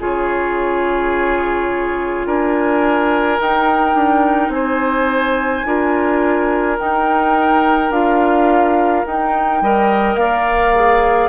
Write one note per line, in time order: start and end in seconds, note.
0.00 2.26 C#3
0.00 3.40 F4
0.00 2.27 G#4
0.00 2.27 C#5
2.26 3.39 D4
2.26 4.54 A#4
2.26 3.40 G#5
3.40 3.95 D#4
3.40 5.65 D#4
3.40 4.51 G5
3.95 4.49 D4
4.49 5.62 C4
4.49 5.67 C5
4.49 6.77 G#5
5.65 6.79 D4
5.65 6.79 F4
5.65 9.64 A#4
6.79 7.92 D#4
6.79 7.91 D#4
6.79 7.92 G5
7.91 9.04 D4
7.91 9.05 F4
7.91 9.06 F5
9.07 9.62 D#4
9.07 9.64 D#4
9.07 10.17 G5
9.62 10.16 G3
9.62 10.75 A#4
9.62 10.20 D#5
10.16 11.29 A#3
10.16 11.30 D5
10.16 11.30 F5
10.75 11.30 G#4